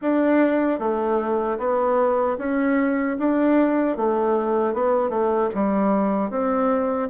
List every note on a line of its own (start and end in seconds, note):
0.01 0.79 D4
0.79 1.58 A3
1.58 2.37 B3
2.38 3.17 C#4
3.19 3.97 D4
3.97 4.73 A3
4.73 5.09 B3
5.09 5.49 A3
5.54 6.30 G3
6.30 7.09 C4